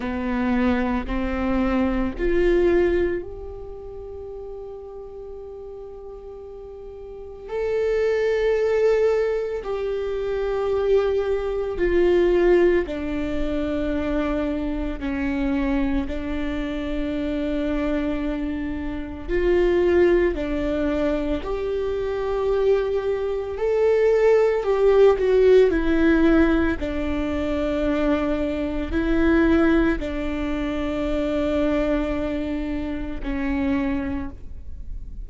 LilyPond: \new Staff \with { instrumentName = "viola" } { \time 4/4 \tempo 4 = 56 b4 c'4 f'4 g'4~ | g'2. a'4~ | a'4 g'2 f'4 | d'2 cis'4 d'4~ |
d'2 f'4 d'4 | g'2 a'4 g'8 fis'8 | e'4 d'2 e'4 | d'2. cis'4 | }